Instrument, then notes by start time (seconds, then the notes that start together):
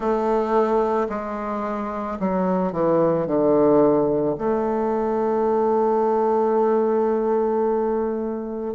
bassoon
0.00 A3
1.09 G#3
2.19 F#3
2.72 E3
3.27 D3
4.37 A3